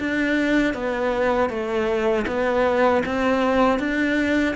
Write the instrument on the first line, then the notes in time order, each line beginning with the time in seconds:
cello
0.00 D4
0.74 B3
1.50 A3
2.28 B3
3.06 C4
3.80 D4